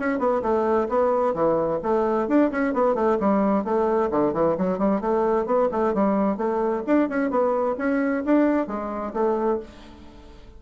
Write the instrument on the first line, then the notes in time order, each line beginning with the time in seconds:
bassoon
0.00 C#4
0.19 B3
0.42 A3
0.89 B3
1.34 E3
1.83 A3
2.29 D4
2.52 C#4
2.74 B3
2.95 A3
3.21 G3
3.65 A3
4.11 D3
4.34 E3
4.58 F#3
4.79 G3
5.01 A3
5.46 B3
5.72 A3
5.94 G3
6.38 A3
6.87 D4
7.10 C#4
7.31 B3
7.79 C#4
8.26 D4
8.68 G#3
9.14 A3